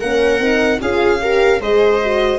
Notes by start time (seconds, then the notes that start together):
0.00 A#3 C#4 A#4 F#5
0.40 C4 D#4
0.80 C#4 F4 G#4 F5
1.21 G4 A#4
1.61 G#3 G#4 C5 D#5
2.01 F#4